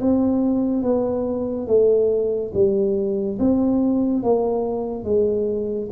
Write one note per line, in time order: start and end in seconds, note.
0.00 0.83 C4
0.83 1.67 B3
1.67 2.52 A3
2.54 3.38 G3
3.39 4.23 C4
4.23 5.04 A#3
5.04 5.89 G#3